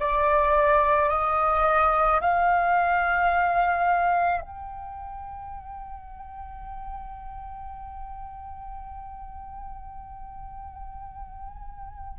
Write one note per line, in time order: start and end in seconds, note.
0.00 1.10 D5
1.10 2.21 D#5
2.21 4.41 F5
4.41 12.19 G5